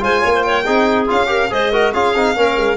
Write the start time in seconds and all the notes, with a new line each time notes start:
0.00 G#3 F4 C5 G#5
0.22 A#3 C#5
0.35 C5
0.42 C#5 G5
0.64 C4 D#4 G#4
1.07 C#4 F4 F5
1.27 G4 A#4
1.50 G#3 G#4 C5 D#5
1.72 F#4 A#4
1.92 C#4 F4 G#4 F5
2.15 C4 D#4
2.36 A#3 C#4 A#4
2.57 G#3